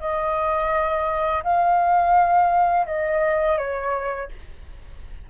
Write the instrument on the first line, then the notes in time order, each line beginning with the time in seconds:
flute
0.00 D#5
1.43 F5
2.86 D#5
3.57 C#5